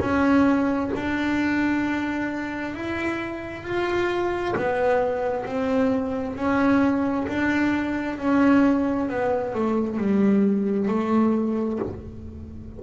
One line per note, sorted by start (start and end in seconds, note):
0.00 0.91 C#4
0.95 2.75 D4
2.75 3.64 E4
3.64 4.55 F4
4.56 5.46 B3
5.46 6.36 C4
6.36 7.27 C#4
7.28 8.19 D4
8.19 9.10 C#4
9.10 9.55 B3
9.55 9.98 A3
9.98 10.88 G3
10.88 11.79 A3